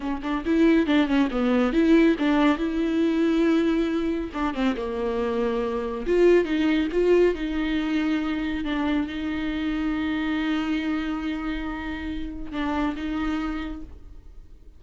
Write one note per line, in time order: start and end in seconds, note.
0.00 0.21 C#4
0.22 0.44 D4
0.45 0.86 E4
0.86 1.07 D4
1.07 1.28 C#4
1.30 1.72 B3
1.72 2.16 E4
2.18 2.57 D4
2.57 4.30 E4
4.33 4.54 D4
4.54 4.75 C4
4.76 6.05 A#3
6.06 6.45 F4
6.45 6.88 D#4
6.92 7.34 F4
7.34 8.64 D#4
8.64 9.07 D4
9.07 12.52 D#4
12.52 12.95 D4
12.95 13.82 D#4